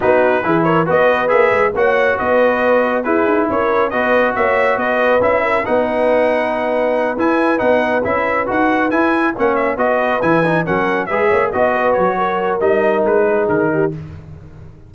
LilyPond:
<<
  \new Staff \with { instrumentName = "trumpet" } { \time 4/4 \tempo 4 = 138 b'4. cis''8 dis''4 e''4 | fis''4 dis''2 b'4 | cis''4 dis''4 e''4 dis''4 | e''4 fis''2.~ |
fis''8 gis''4 fis''4 e''4 fis''8~ | fis''8 gis''4 fis''8 e''8 dis''4 gis''8~ | gis''8 fis''4 e''4 dis''4 cis''8~ | cis''4 dis''4 b'4 ais'4 | }
  \new Staff \with { instrumentName = "horn" } { \time 4/4 fis'4 gis'8 ais'8 b'2 | cis''4 b'2 gis'4 | ais'4 b'4 cis''4 b'4~ | b'8 ais'8 b'2.~ |
b'1~ | b'4. cis''4 b'4.~ | b'8 ais'4 b'8 cis''8 dis''8 b'4 | ais'2~ ais'8 gis'4 g'8 | }
  \new Staff \with { instrumentName = "trombone" } { \time 4/4 dis'4 e'4 fis'4 gis'4 | fis'2. e'4~ | e'4 fis'2. | e'4 dis'2.~ |
dis'8 e'4 dis'4 e'4 fis'8~ | fis'8 e'4 cis'4 fis'4 e'8 | dis'8 cis'4 gis'4 fis'4.~ | fis'4 dis'2. | }
  \new Staff \with { instrumentName = "tuba" } { \time 4/4 b4 e4 b4 ais8 gis8 | ais4 b2 e'8 dis'8 | cis'4 b4 ais4 b4 | cis'4 b2.~ |
b8 e'4 b4 cis'4 dis'8~ | dis'8 e'4 ais4 b4 e8~ | e8 fis4 gis8 ais8 b4 fis8~ | fis4 g4 gis4 dis4 | }
>>